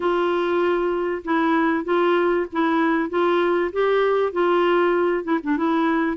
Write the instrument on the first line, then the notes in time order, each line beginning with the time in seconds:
clarinet
0.00 F4
1.24 E4
1.84 F4
2.52 E4
3.09 F4
3.72 G4
4.32 F4
5.24 E4
5.43 D4
5.57 E4